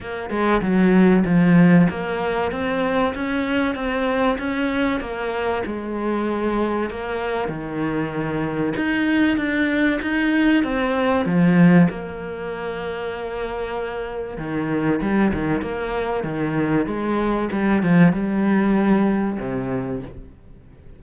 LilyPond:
\new Staff \with { instrumentName = "cello" } { \time 4/4 \tempo 4 = 96 ais8 gis8 fis4 f4 ais4 | c'4 cis'4 c'4 cis'4 | ais4 gis2 ais4 | dis2 dis'4 d'4 |
dis'4 c'4 f4 ais4~ | ais2. dis4 | g8 dis8 ais4 dis4 gis4 | g8 f8 g2 c4 | }